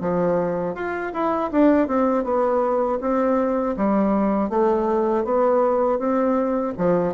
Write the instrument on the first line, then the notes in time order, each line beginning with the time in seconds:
bassoon
0.00 F3
0.74 F4
1.12 E4
1.51 D4
1.87 C4
2.23 B3
3.00 C4
3.76 G3
4.49 A3
5.24 B3
5.98 C4
6.77 F3